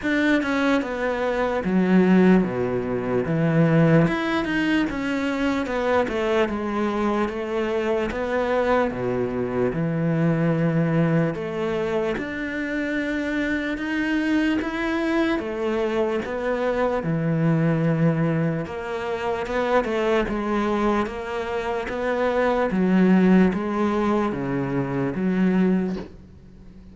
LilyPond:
\new Staff \with { instrumentName = "cello" } { \time 4/4 \tempo 4 = 74 d'8 cis'8 b4 fis4 b,4 | e4 e'8 dis'8 cis'4 b8 a8 | gis4 a4 b4 b,4 | e2 a4 d'4~ |
d'4 dis'4 e'4 a4 | b4 e2 ais4 | b8 a8 gis4 ais4 b4 | fis4 gis4 cis4 fis4 | }